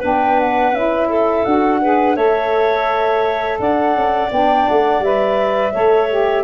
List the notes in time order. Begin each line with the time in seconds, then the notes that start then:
0.00 B3 D4 B4 G5
0.40 F#5
0.72 C#4 E4 E5
1.09 A4
1.45 D4 F#4 F#5
1.82 G#4 B4
2.15 A3 A4 C#5 E5
3.60 D4 D5 F#5
3.94 C#4
4.32 B3 D4 G5
4.68 A3 F#5
5.00 G3 B4 E5
5.73 A3 A4 C#5
6.10 G4